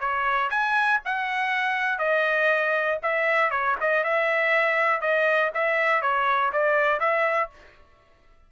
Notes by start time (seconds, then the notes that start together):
0.00 C#5
0.50 G#5
1.05 F#5
1.99 D#5
3.03 E5
3.51 C#5
3.81 D#5
4.04 E5
5.01 D#5
5.54 E5
6.02 C#5
6.53 D5
7.00 E5